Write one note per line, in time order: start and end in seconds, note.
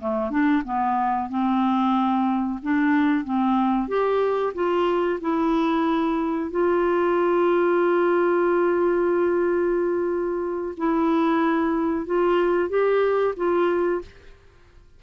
0.00 0.30 A3
0.30 0.63 D4
0.64 1.29 B3
1.29 2.60 C4
2.62 3.24 D4
3.24 3.88 C4
3.88 4.53 G4
4.54 5.19 F4
5.21 6.51 E4
6.51 10.75 F4
10.77 12.06 E4
12.06 12.69 F4
12.69 13.34 G4
13.36 14.01 F4